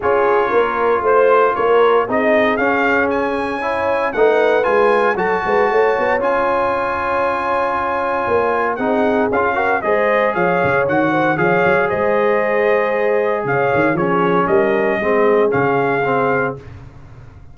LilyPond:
<<
  \new Staff \with { instrumentName = "trumpet" } { \time 4/4 \tempo 4 = 116 cis''2 c''4 cis''4 | dis''4 f''4 gis''2 | fis''4 gis''4 a''2 | gis''1~ |
gis''4 fis''4 f''4 dis''4 | f''4 fis''4 f''4 dis''4~ | dis''2 f''4 cis''4 | dis''2 f''2 | }
  \new Staff \with { instrumentName = "horn" } { \time 4/4 gis'4 ais'4 c''4 ais'4 | gis'2. cis''4 | b'2 a'8 b'8 cis''4~ | cis''1~ |
cis''4 gis'4. ais'8 c''4 | cis''4. c''8 cis''4 c''4~ | c''2 cis''4 gis'4 | ais'4 gis'2. | }
  \new Staff \with { instrumentName = "trombone" } { \time 4/4 f'1 | dis'4 cis'2 e'4 | dis'4 f'4 fis'2 | f'1~ |
f'4 dis'4 f'8 fis'8 gis'4~ | gis'4 fis'4 gis'2~ | gis'2. cis'4~ | cis'4 c'4 cis'4 c'4 | }
  \new Staff \with { instrumentName = "tuba" } { \time 4/4 cis'4 ais4 a4 ais4 | c'4 cis'2. | a4 gis4 fis8 gis8 a8 b8 | cis'1 |
ais4 c'4 cis'4 gis4 | f8 cis8 dis4 f8 fis8 gis4~ | gis2 cis8 dis8 f4 | g4 gis4 cis2 | }
>>